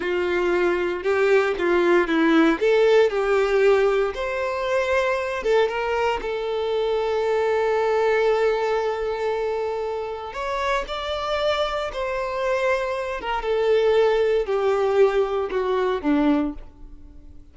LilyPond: \new Staff \with { instrumentName = "violin" } { \time 4/4 \tempo 4 = 116 f'2 g'4 f'4 | e'4 a'4 g'2 | c''2~ c''8 a'8 ais'4 | a'1~ |
a'1 | cis''4 d''2 c''4~ | c''4. ais'8 a'2 | g'2 fis'4 d'4 | }